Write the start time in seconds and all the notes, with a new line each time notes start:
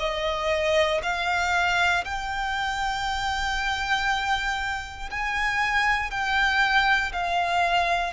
0.00 D#5
1.03 F5
2.05 G5
5.11 G#5
6.11 G5
7.13 F5